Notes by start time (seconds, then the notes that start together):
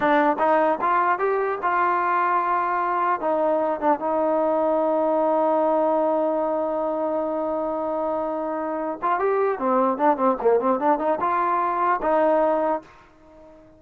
0.00 D4
0.39 D#4
0.81 F4
1.18 G4
1.62 F4
3.20 D#4
3.80 D4
3.99 D#4
9.01 F4
9.19 G4
9.59 C4
9.97 D4
10.17 C4
10.41 A#3
10.59 C4
10.79 D4
10.99 D#4
11.20 F4
12.01 D#4